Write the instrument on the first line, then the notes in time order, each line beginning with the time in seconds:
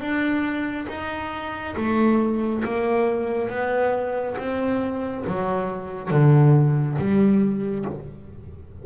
double bass
0.00 D4
0.88 D#4
1.76 A3
2.64 A#3
3.50 B3
4.38 C4
5.26 F#3
6.11 D3
6.98 G3